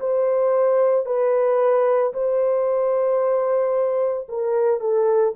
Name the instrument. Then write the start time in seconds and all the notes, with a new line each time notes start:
horn
0.00 C5
1.06 B4
2.14 C5
4.29 A#4
4.80 A4